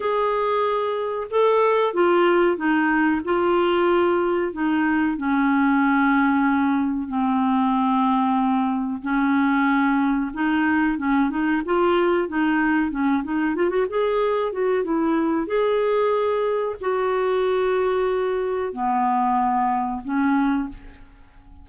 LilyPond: \new Staff \with { instrumentName = "clarinet" } { \time 4/4 \tempo 4 = 93 gis'2 a'4 f'4 | dis'4 f'2 dis'4 | cis'2. c'4~ | c'2 cis'2 |
dis'4 cis'8 dis'8 f'4 dis'4 | cis'8 dis'8 f'16 fis'16 gis'4 fis'8 e'4 | gis'2 fis'2~ | fis'4 b2 cis'4 | }